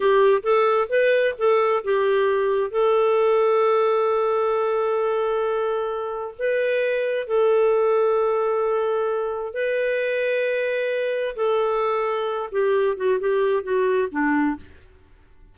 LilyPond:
\new Staff \with { instrumentName = "clarinet" } { \time 4/4 \tempo 4 = 132 g'4 a'4 b'4 a'4 | g'2 a'2~ | a'1~ | a'2 b'2 |
a'1~ | a'4 b'2.~ | b'4 a'2~ a'8 g'8~ | g'8 fis'8 g'4 fis'4 d'4 | }